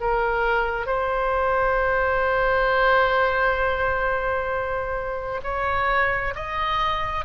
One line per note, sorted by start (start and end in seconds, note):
0.00 0.86 A#4
0.86 5.40 C5
5.43 6.34 C#5
6.35 7.25 D#5